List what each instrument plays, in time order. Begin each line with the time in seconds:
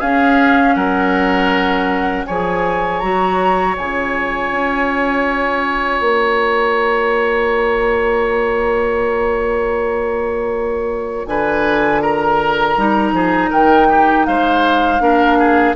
0.00 bassoon C#4, clarinet C#4, oboe G#4, flute F5
0.75 bassoon F#3, oboe A#4, flute F#5
2.27 bassoon F3, clarinet G#4, oboe C#5, flute G#5
3.00 bassoon F#3, clarinet F#4, flute A#5
3.77 bassoon C#3, clarinet F4, flute G#5
4.52 bassoon C#4
6.01 bassoon A#3, flute A#5
11.27 bassoon D3, oboe B4, flute G#5
12.02 oboe A#4, flute A#5
12.77 bassoon G3, clarinet D#4
13.13 bassoon F3, oboe G#4
13.50 bassoon D#3, oboe A#4, flute G5
13.90 oboe G4
14.26 bassoon G#3, oboe C5, flute F5
15.00 bassoon A#3, clarinet D4, oboe A#4
15.39 oboe G#4